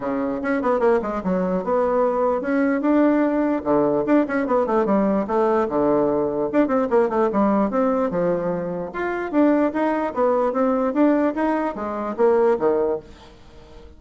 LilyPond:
\new Staff \with { instrumentName = "bassoon" } { \time 4/4 \tempo 4 = 148 cis4 cis'8 b8 ais8 gis8 fis4 | b2 cis'4 d'4~ | d'4 d4 d'8 cis'8 b8 a8 | g4 a4 d2 |
d'8 c'8 ais8 a8 g4 c'4 | f2 f'4 d'4 | dis'4 b4 c'4 d'4 | dis'4 gis4 ais4 dis4 | }